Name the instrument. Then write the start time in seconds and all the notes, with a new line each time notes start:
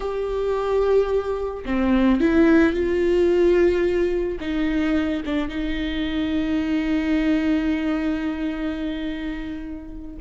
viola
0.00 G4
1.65 C4
2.20 E4
2.73 F4
4.40 D#4
5.25 D4
5.48 D#4